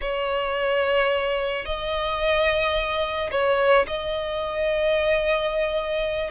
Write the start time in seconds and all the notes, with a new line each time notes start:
0.01 C#5
1.65 D#5
3.31 C#5
3.87 D#5